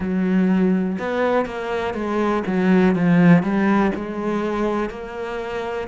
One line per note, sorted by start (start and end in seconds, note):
0.00 0.97 F#3
0.98 1.45 B3
1.45 1.94 A#3
1.94 2.43 G#3
2.46 2.95 F#3
2.95 3.42 F3
3.42 3.91 G3
3.95 4.89 G#3
4.89 5.87 A#3